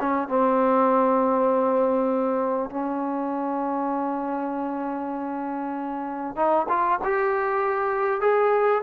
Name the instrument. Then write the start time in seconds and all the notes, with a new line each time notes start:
trombone
0.00 C#4
0.29 C4
2.70 C#4
6.36 D#4
6.69 F4
7.05 G4
8.21 G#4